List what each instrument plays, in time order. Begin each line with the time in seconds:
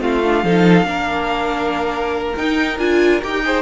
0.00 cello A3, viola C4, violin F4 F5
0.25 viola D4
0.44 cello F3, viola D#4, violin A4
0.84 cello A#3, viola D4, violin A#4
2.36 viola D#4, cello D#4, violin G5
2.79 cello D4, viola F4, violin G#5
3.23 cello D#4, viola G4, violin G5
3.45 viola G#4, violin C5